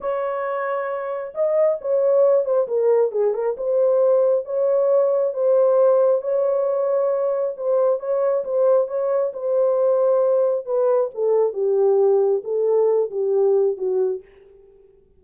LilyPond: \new Staff \with { instrumentName = "horn" } { \time 4/4 \tempo 4 = 135 cis''2. dis''4 | cis''4. c''8 ais'4 gis'8 ais'8 | c''2 cis''2 | c''2 cis''2~ |
cis''4 c''4 cis''4 c''4 | cis''4 c''2. | b'4 a'4 g'2 | a'4. g'4. fis'4 | }